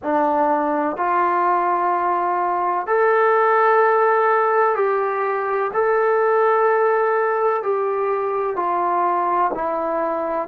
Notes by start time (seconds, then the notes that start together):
0.03 D4
0.96 F4
2.87 A4
4.75 G4
5.73 A4
7.62 G4
8.56 F4
9.54 E4